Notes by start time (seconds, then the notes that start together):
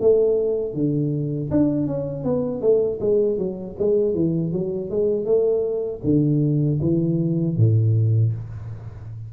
0.00 A3
0.74 D3
1.51 D4
1.86 C#4
2.23 B3
2.61 A3
3.00 G#3
3.38 F#3
3.79 G#3
4.14 E3
4.52 F#3
4.90 G#3
5.25 A3
6.03 D3
6.81 E3
7.56 A2